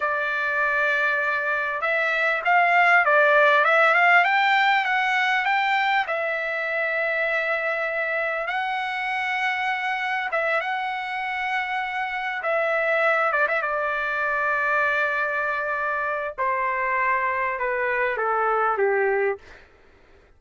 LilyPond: \new Staff \with { instrumentName = "trumpet" } { \time 4/4 \tempo 4 = 99 d''2. e''4 | f''4 d''4 e''8 f''8 g''4 | fis''4 g''4 e''2~ | e''2 fis''2~ |
fis''4 e''8 fis''2~ fis''8~ | fis''8 e''4. d''16 e''16 d''4.~ | d''2. c''4~ | c''4 b'4 a'4 g'4 | }